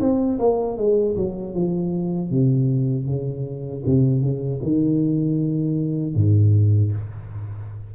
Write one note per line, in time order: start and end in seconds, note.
0.00 0.38 C4
0.39 0.77 A#3
0.77 1.16 G#3
1.16 1.55 F#3
1.55 2.30 F3
2.30 3.06 C3
3.06 3.83 C#3
3.86 4.21 C3
4.21 4.60 C#3
4.63 6.15 D#3
6.15 6.92 G#2